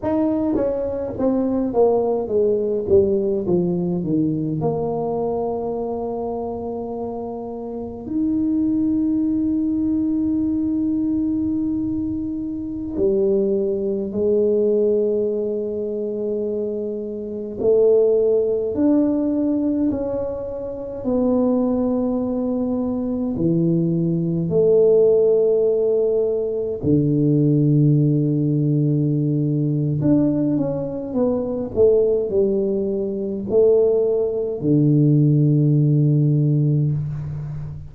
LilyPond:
\new Staff \with { instrumentName = "tuba" } { \time 4/4 \tempo 4 = 52 dis'8 cis'8 c'8 ais8 gis8 g8 f8 dis8 | ais2. dis'4~ | dis'2.~ dis'16 g8.~ | g16 gis2. a8.~ |
a16 d'4 cis'4 b4.~ b16~ | b16 e4 a2 d8.~ | d2 d'8 cis'8 b8 a8 | g4 a4 d2 | }